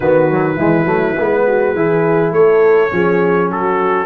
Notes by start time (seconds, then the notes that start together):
0.00 D#3 B3 F#4 B4
0.31 F#3
0.56 E3 G#3 E4
0.85 F#3 A3
1.19 G#3 B3
1.46 F#4
1.74 E3 E4 G#4
2.31 A3 A4 C#5
2.90 F3 C#4 G#4
3.49 F#3 F#4 A4